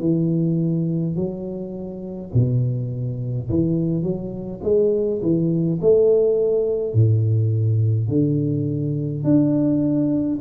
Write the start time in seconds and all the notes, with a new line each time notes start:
0.00 E3
1.15 F#3
2.34 B2
3.50 E3
4.03 F#3
4.63 G#3
5.22 E3
5.81 A3
6.94 A2
8.09 D3
9.24 D4